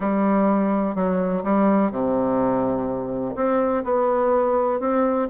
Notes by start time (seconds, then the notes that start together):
0.00 G3
0.95 F#3
1.43 G3
1.91 C3
3.35 C4
3.84 B3
4.80 C4